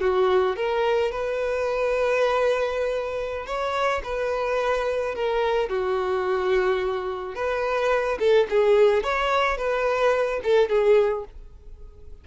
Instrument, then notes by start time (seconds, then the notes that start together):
violin
0.00 F#4
0.56 A#4
1.11 B4
3.46 C#5
4.03 B4
5.15 A#4
5.68 F#4
7.34 B4
8.19 A4
8.49 G#4
9.03 C#5
9.57 B4
10.43 A4
10.69 G#4